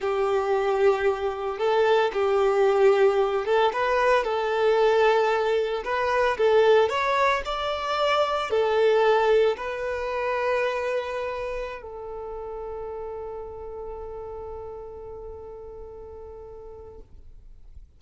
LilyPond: \new Staff \with { instrumentName = "violin" } { \time 4/4 \tempo 4 = 113 g'2. a'4 | g'2~ g'8 a'8 b'4 | a'2. b'4 | a'4 cis''4 d''2 |
a'2 b'2~ | b'2~ b'16 a'4.~ a'16~ | a'1~ | a'1 | }